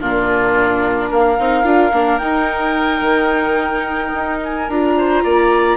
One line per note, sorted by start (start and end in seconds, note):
0.00 1.10 A#2
0.00 1.38 D4
0.00 1.10 F4
0.00 1.13 A#4
1.10 1.38 A#3
1.10 4.95 A#4
1.10 2.18 F5
1.39 1.64 C4
1.39 1.63 D#4
1.63 1.91 D4
1.63 1.91 F4
1.92 2.19 A#3
1.92 2.20 D4
2.18 3.01 D#4
2.18 4.68 D#4
2.18 4.38 G5
3.01 4.11 D#3
4.14 4.69 D#4
4.44 4.69 G#5
4.69 5.24 D4
4.69 5.77 F4
4.69 5.77 A#5
4.97 5.23 C5
5.23 5.77 A#3
5.23 5.77 D5